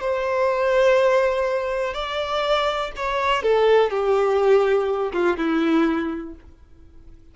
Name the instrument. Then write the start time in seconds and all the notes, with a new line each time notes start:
violin
0.00 C5
1.94 D5
2.96 C#5
3.43 A4
3.90 G4
5.12 F4
5.37 E4